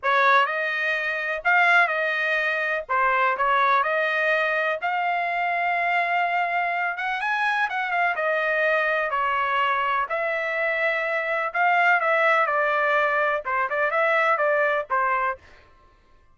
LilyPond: \new Staff \with { instrumentName = "trumpet" } { \time 4/4 \tempo 4 = 125 cis''4 dis''2 f''4 | dis''2 c''4 cis''4 | dis''2 f''2~ | f''2~ f''8 fis''8 gis''4 |
fis''8 f''8 dis''2 cis''4~ | cis''4 e''2. | f''4 e''4 d''2 | c''8 d''8 e''4 d''4 c''4 | }